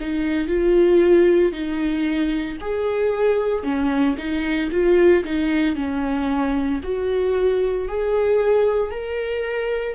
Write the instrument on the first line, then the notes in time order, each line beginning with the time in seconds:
viola
0.00 D#4
0.47 F4
1.52 D#4
2.60 G#4
3.63 C#4
4.17 D#4
4.71 F4
5.24 D#4
5.75 C#4
6.83 F#4
7.88 G#4
8.91 A#4